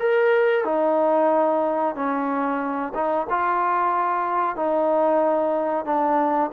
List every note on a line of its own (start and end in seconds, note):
0.00 0.65 A#4
0.65 1.95 D#4
1.95 2.93 C#4
2.95 3.27 D#4
3.30 4.56 F4
4.56 5.85 D#4
5.85 6.51 D4